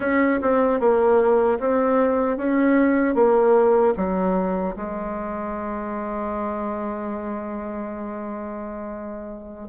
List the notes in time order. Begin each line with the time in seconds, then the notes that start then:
0.00 C#4
0.41 C4
0.79 A#3
1.59 C4
2.37 C#4
3.14 A#3
3.97 F#3
4.75 G#3